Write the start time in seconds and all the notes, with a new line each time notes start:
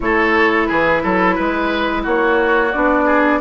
0.00 A3 E4 A4 C#5
0.66 E3 G#4 B4
1.03 F#3 A4
1.35 G#3 B4
2.02 A#3 F#4 C#5
2.72 B3 D4 D5
3.05 G#4